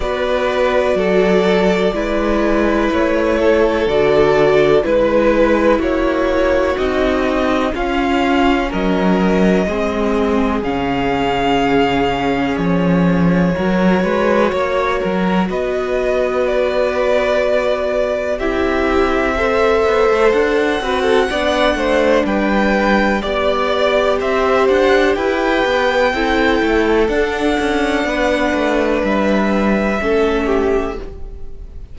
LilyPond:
<<
  \new Staff \with { instrumentName = "violin" } { \time 4/4 \tempo 4 = 62 d''2. cis''4 | d''4 b'4 cis''4 dis''4 | f''4 dis''2 f''4~ | f''4 cis''2. |
dis''4 d''2 e''4~ | e''4 fis''2 g''4 | d''4 e''8 fis''8 g''2 | fis''2 e''2 | }
  \new Staff \with { instrumentName = "violin" } { \time 4/4 b'4 a'4 b'4. a'8~ | a'4 b'4 fis'2 | f'4 ais'4 gis'2~ | gis'2 ais'8 b'8 cis''8 ais'8 |
b'2. g'4 | c''4. b'16 a'16 d''8 c''8 b'4 | d''4 c''4 b'4 a'4~ | a'4 b'2 a'8 g'8 | }
  \new Staff \with { instrumentName = "viola" } { \time 4/4 fis'2 e'2 | fis'4 e'2 dis'4 | cis'2 c'4 cis'4~ | cis'2 fis'2~ |
fis'2. e'4 | a'4. fis'8 d'2 | g'2. e'4 | d'2. cis'4 | }
  \new Staff \with { instrumentName = "cello" } { \time 4/4 b4 fis4 gis4 a4 | d4 gis4 ais4 c'4 | cis'4 fis4 gis4 cis4~ | cis4 f4 fis8 gis8 ais8 fis8 |
b2. c'4~ | c'8 b16 a16 d'8 c'8 b8 a8 g4 | b4 c'8 d'8 e'8 b8 c'8 a8 | d'8 cis'8 b8 a8 g4 a4 | }
>>